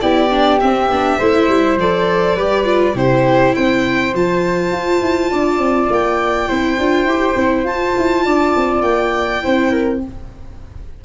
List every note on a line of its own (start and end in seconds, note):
0.00 0.61 B3
0.00 0.30 E4
0.00 1.18 G4
0.00 0.59 D5
0.30 0.59 D4
0.60 0.90 C4
0.60 0.88 C4
0.60 1.77 E5
0.88 1.17 B3
0.88 1.20 D4
1.18 1.48 A3
1.18 1.79 E4
1.18 2.35 C5
1.48 1.77 G3
1.77 2.35 F3
1.77 2.37 A4
1.77 2.97 D5
2.35 2.94 G3
2.35 2.64 G4
2.35 2.94 B4
2.64 2.93 F4
2.94 3.53 C3
2.94 4.11 E4
2.94 3.53 G4
2.94 3.55 C5
3.55 4.13 C4
3.55 5.31 C5
3.55 4.14 G5
4.13 4.71 F3
4.13 6.48 F4
4.13 5.92 A5
4.71 5.00 F4
5.01 5.30 E4
5.31 5.58 D4
5.31 6.48 D5
5.58 5.87 C4
5.89 6.48 A#3
5.89 7.66 G5
6.48 6.78 C4
6.48 6.77 E4
6.48 8.24 C5
6.78 7.04 D4
6.78 7.07 F4
7.04 7.34 E4
7.04 7.37 G4
7.35 7.63 C4
7.35 7.65 E4
7.63 7.93 F4
7.63 9.41 F4
7.63 8.81 A5
7.97 8.25 E4
8.25 8.54 D4
8.25 9.42 D5
8.56 8.82 C4
8.81 9.41 A#3
8.81 9.99 G5
9.41 10.04 C4
9.41 10.00 E4
9.41 9.70 C5
9.70 10.00 A#4